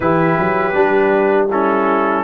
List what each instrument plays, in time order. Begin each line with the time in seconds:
0.00 tuba E3, trombone E4, horn G4, trumpet B4
0.38 tuba F#3
0.73 tuba G3, trombone D4
1.50 trombone C#4, horn E4, trumpet A4